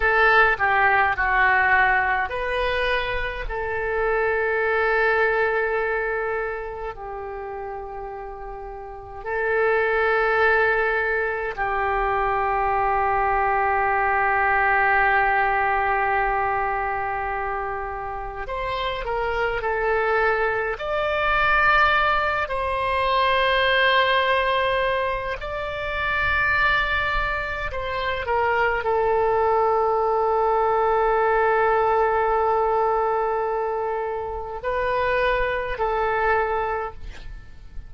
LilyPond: \new Staff \with { instrumentName = "oboe" } { \time 4/4 \tempo 4 = 52 a'8 g'8 fis'4 b'4 a'4~ | a'2 g'2 | a'2 g'2~ | g'1 |
c''8 ais'8 a'4 d''4. c''8~ | c''2 d''2 | c''8 ais'8 a'2.~ | a'2 b'4 a'4 | }